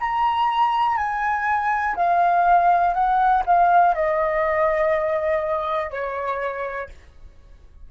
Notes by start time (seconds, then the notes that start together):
0.00 A#5
0.97 G#5
1.95 F5
2.93 F#5
3.45 F5
3.94 D#5
5.90 C#5